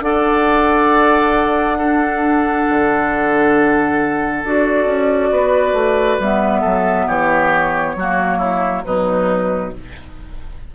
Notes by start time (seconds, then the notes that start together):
0.00 D4 A4 D5 F#5
1.78 D4 A4
2.69 D3
4.44 D4 F#4 D5
4.85 C#4
5.31 B3 B4
5.73 A3
6.19 G3 B3 E5
6.61 F#3 A4
7.07 E3 G4 C#5
7.96 F#3 A#3 F#4
8.37 E4
8.83 B2 F#3 D#4 B4